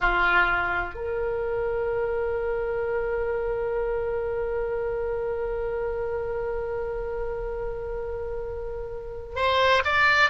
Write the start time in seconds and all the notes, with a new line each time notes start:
0.00 F4
0.94 A#4
9.35 C5
9.84 D5